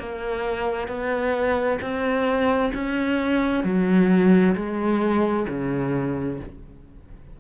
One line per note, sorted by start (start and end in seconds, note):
0.00 0.88 A#3
0.88 1.79 B3
1.82 2.73 C4
2.74 3.64 C#4
3.64 4.55 F#3
4.55 5.46 G#3
5.49 6.40 C#3